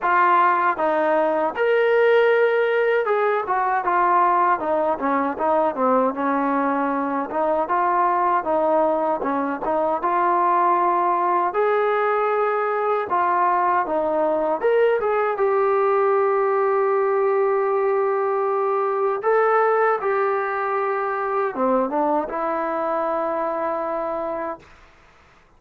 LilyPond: \new Staff \with { instrumentName = "trombone" } { \time 4/4 \tempo 4 = 78 f'4 dis'4 ais'2 | gis'8 fis'8 f'4 dis'8 cis'8 dis'8 c'8 | cis'4. dis'8 f'4 dis'4 | cis'8 dis'8 f'2 gis'4~ |
gis'4 f'4 dis'4 ais'8 gis'8 | g'1~ | g'4 a'4 g'2 | c'8 d'8 e'2. | }